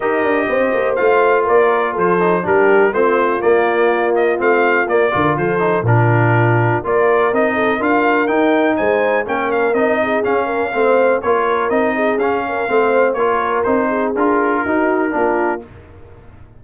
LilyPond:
<<
  \new Staff \with { instrumentName = "trumpet" } { \time 4/4 \tempo 4 = 123 dis''2 f''4 d''4 | c''4 ais'4 c''4 d''4~ | d''8 dis''8 f''4 d''4 c''4 | ais'2 d''4 dis''4 |
f''4 g''4 gis''4 g''8 f''8 | dis''4 f''2 cis''4 | dis''4 f''2 cis''4 | c''4 ais'2. | }
  \new Staff \with { instrumentName = "horn" } { \time 4/4 ais'4 c''2 ais'4 | a'4 g'4 f'2~ | f'2~ f'8 ais'8 a'4 | f'2 ais'4. a'8 |
ais'2 c''4 ais'4~ | ais'8 gis'4 ais'8 c''4 ais'4~ | ais'8 gis'4 ais'8 c''4 ais'4~ | ais'8 gis'4. fis'4 f'4 | }
  \new Staff \with { instrumentName = "trombone" } { \time 4/4 g'2 f'2~ | f'8 dis'8 d'4 c'4 ais4~ | ais4 c'4 ais8 f'4 dis'8 | d'2 f'4 dis'4 |
f'4 dis'2 cis'4 | dis'4 cis'4 c'4 f'4 | dis'4 cis'4 c'4 f'4 | dis'4 f'4 dis'4 d'4 | }
  \new Staff \with { instrumentName = "tuba" } { \time 4/4 dis'8 d'8 c'8 ais8 a4 ais4 | f4 g4 a4 ais4~ | ais4 a4 ais8 d8 f4 | ais,2 ais4 c'4 |
d'4 dis'4 gis4 ais4 | c'4 cis'4 a4 ais4 | c'4 cis'4 a4 ais4 | c'4 d'4 dis'4 ais4 | }
>>